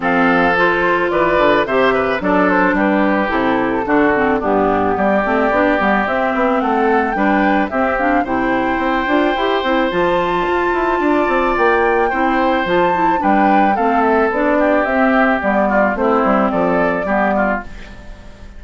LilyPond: <<
  \new Staff \with { instrumentName = "flute" } { \time 4/4 \tempo 4 = 109 f''4 c''4 d''4 e''4 | d''8 c''8 b'4 a'2 | g'4 d''2 e''4 | fis''4 g''4 e''8 f''8 g''4~ |
g''2 a''2~ | a''4 g''2 a''4 | g''4 f''8 e''8 d''4 e''4 | d''4 c''4 d''2 | }
  \new Staff \with { instrumentName = "oboe" } { \time 4/4 a'2 b'4 c''8 b'8 | a'4 g'2 fis'4 | d'4 g'2. | a'4 b'4 g'4 c''4~ |
c''1 | d''2 c''2 | b'4 a'4. g'4.~ | g'8 f'8 e'4 a'4 g'8 f'8 | }
  \new Staff \with { instrumentName = "clarinet" } { \time 4/4 c'4 f'2 g'4 | d'2 e'4 d'8 c'8 | b4. c'8 d'8 b8 c'4~ | c'4 d'4 c'8 d'8 e'4~ |
e'8 f'8 g'8 e'8 f'2~ | f'2 e'4 f'8 e'8 | d'4 c'4 d'4 c'4 | b4 c'2 b4 | }
  \new Staff \with { instrumentName = "bassoon" } { \time 4/4 f2 e8 d8 c4 | fis4 g4 c4 d4 | g,4 g8 a8 b8 g8 c'8 b8 | a4 g4 c'4 c4 |
c'8 d'8 e'8 c'8 f4 f'8 e'8 | d'8 c'8 ais4 c'4 f4 | g4 a4 b4 c'4 | g4 a8 g8 f4 g4 | }
>>